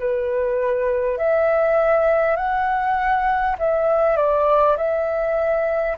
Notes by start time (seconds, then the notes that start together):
0.00 B4
1.18 E5
2.37 F#5
3.59 E5
4.17 D5
4.78 E5